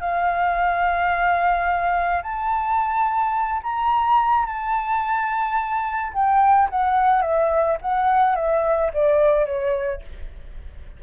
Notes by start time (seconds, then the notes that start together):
0.00 F5
2.23 A5
3.63 A#5
4.46 A5
6.13 G5
6.70 F#5
7.22 E5
7.82 F#5
8.36 E5
8.93 D5
9.46 C#5